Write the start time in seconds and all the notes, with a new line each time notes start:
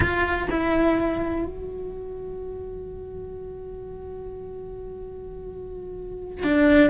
0.00 F4
0.50 E4
1.45 F#4
6.43 D4